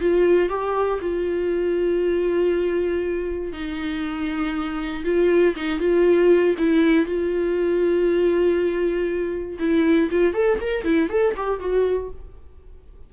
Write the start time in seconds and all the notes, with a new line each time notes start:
0.00 F4
0.49 G4
1.01 F4
3.52 D#4
5.05 F4
5.56 D#4
5.79 F4
6.58 E4
7.06 F4
9.59 E4
10.11 F4
10.34 A4
10.60 A#4
10.84 E4
11.09 A4
11.37 G4
11.60 F#4